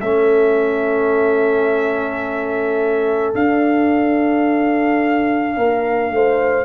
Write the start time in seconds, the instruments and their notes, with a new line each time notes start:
0.00 tuba A3, trombone C#4, horn A4, trumpet E5
3.34 trombone D4, tuba D4, trumpet F5
5.56 tuba A#3, horn A#4
6.11 tuba A3, horn C5